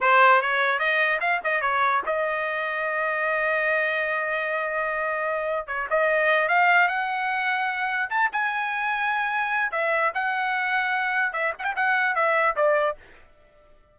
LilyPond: \new Staff \with { instrumentName = "trumpet" } { \time 4/4 \tempo 4 = 148 c''4 cis''4 dis''4 f''8 dis''8 | cis''4 dis''2.~ | dis''1~ | dis''2 cis''8 dis''4. |
f''4 fis''2. | a''8 gis''2.~ gis''8 | e''4 fis''2. | e''8 fis''16 g''16 fis''4 e''4 d''4 | }